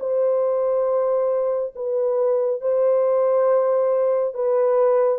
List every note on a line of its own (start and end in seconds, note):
0.00 1.74 C5
1.76 2.62 B4
2.62 4.35 C5
4.35 5.19 B4